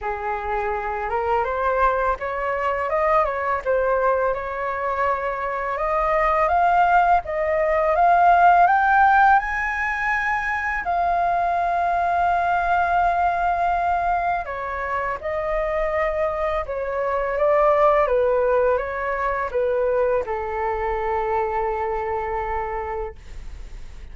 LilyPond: \new Staff \with { instrumentName = "flute" } { \time 4/4 \tempo 4 = 83 gis'4. ais'8 c''4 cis''4 | dis''8 cis''8 c''4 cis''2 | dis''4 f''4 dis''4 f''4 | g''4 gis''2 f''4~ |
f''1 | cis''4 dis''2 cis''4 | d''4 b'4 cis''4 b'4 | a'1 | }